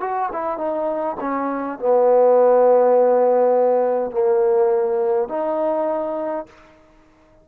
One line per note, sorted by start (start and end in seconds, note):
0.00 0.29 F#4
0.32 0.57 E4
0.57 1.16 D#4
1.20 1.79 C#4
1.79 4.11 B3
4.11 5.28 A#3
5.28 6.46 D#4